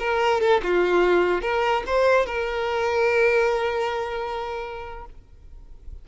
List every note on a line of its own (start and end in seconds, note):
0.00 0.41 A#4
0.41 0.62 A4
0.64 1.42 F4
1.42 1.84 A#4
1.87 2.26 C5
2.26 5.06 A#4